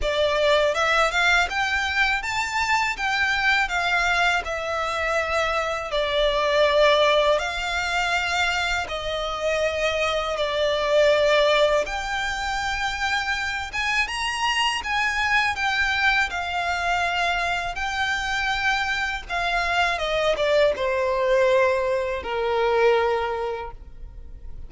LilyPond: \new Staff \with { instrumentName = "violin" } { \time 4/4 \tempo 4 = 81 d''4 e''8 f''8 g''4 a''4 | g''4 f''4 e''2 | d''2 f''2 | dis''2 d''2 |
g''2~ g''8 gis''8 ais''4 | gis''4 g''4 f''2 | g''2 f''4 dis''8 d''8 | c''2 ais'2 | }